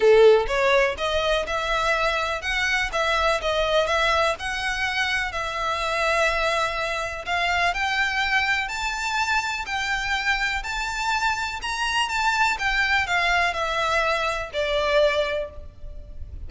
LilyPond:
\new Staff \with { instrumentName = "violin" } { \time 4/4 \tempo 4 = 124 a'4 cis''4 dis''4 e''4~ | e''4 fis''4 e''4 dis''4 | e''4 fis''2 e''4~ | e''2. f''4 |
g''2 a''2 | g''2 a''2 | ais''4 a''4 g''4 f''4 | e''2 d''2 | }